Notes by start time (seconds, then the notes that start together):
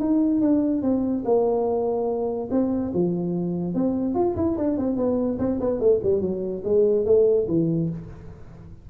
0.00 D#4
0.41 D4
0.82 C4
1.25 A#3
2.51 C4
2.94 F3
3.75 C4
4.15 F4
4.36 E4
4.57 D4
4.77 C4
4.97 B3
5.39 C4
5.60 B3
5.80 A3
6.03 G3
6.21 F#3
6.64 G#3
7.06 A3
7.48 E3